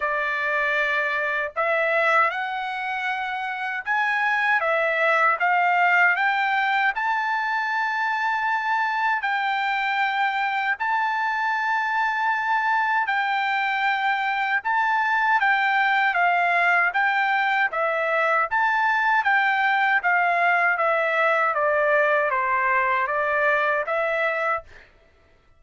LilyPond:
\new Staff \with { instrumentName = "trumpet" } { \time 4/4 \tempo 4 = 78 d''2 e''4 fis''4~ | fis''4 gis''4 e''4 f''4 | g''4 a''2. | g''2 a''2~ |
a''4 g''2 a''4 | g''4 f''4 g''4 e''4 | a''4 g''4 f''4 e''4 | d''4 c''4 d''4 e''4 | }